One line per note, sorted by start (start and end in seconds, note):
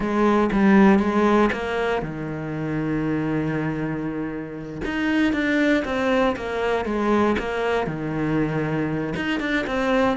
0.00 0.49 G#3
0.52 0.99 G3
0.99 1.50 G#3
1.52 2.02 A#3
2.02 4.81 D#3
4.84 5.33 D#4
5.33 5.83 D4
5.85 6.35 C4
6.36 6.85 A#3
6.85 7.36 G#3
7.38 7.87 A#3
7.87 9.14 D#3
9.16 9.39 D#4
9.39 9.65 D4
9.66 10.17 C4